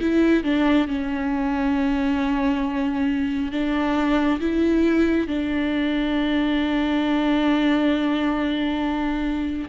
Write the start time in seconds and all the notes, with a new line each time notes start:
0.00 E4
0.43 D4
0.87 C#4
3.52 D4
4.40 E4
5.27 D4